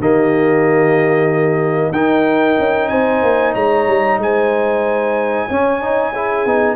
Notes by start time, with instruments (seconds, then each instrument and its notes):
0.00 tuba D#3, trombone A#3, horn G4, trumpet D#5
1.92 tuba D#4, trombone D#4, horn A#4, trumpet G5
2.59 tuba C#4
2.89 tuba C4, horn C5, trumpet G#5
3.23 tuba A#3
3.54 tuba G#3, horn C#5, trumpet A#5
3.88 tuba G3
4.18 tuba G#3, horn C5, trumpet G#5
5.48 trombone C#4, tuba C#4, horn C#5
5.81 trombone D#4
6.14 trombone E4, horn G#4
6.46 tuba B3, trombone D#4